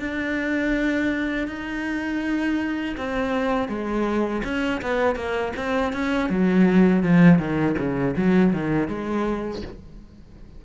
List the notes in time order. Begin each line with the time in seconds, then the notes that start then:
0.00 D4
1.48 D#4
2.98 C4
3.69 G#3
4.45 C#4
4.82 B3
5.16 A#3
5.57 C4
5.93 C#4
6.30 F#3
7.03 F3
7.39 D#3
7.78 C#3
8.17 F#3
8.54 D#3
8.89 G#3